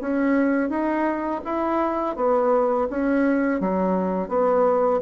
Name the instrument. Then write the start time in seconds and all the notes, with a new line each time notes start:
bassoon
0.00 C#4
0.69 D#4
1.44 E4
2.16 B3
2.90 C#4
3.60 F#3
4.28 B3